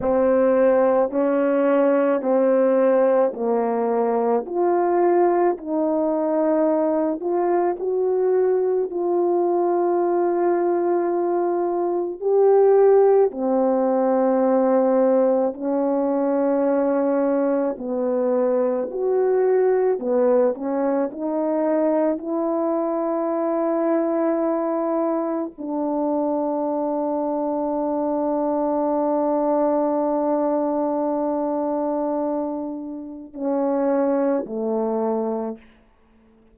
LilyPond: \new Staff \with { instrumentName = "horn" } { \time 4/4 \tempo 4 = 54 c'4 cis'4 c'4 ais4 | f'4 dis'4. f'8 fis'4 | f'2. g'4 | c'2 cis'2 |
b4 fis'4 b8 cis'8 dis'4 | e'2. d'4~ | d'1~ | d'2 cis'4 a4 | }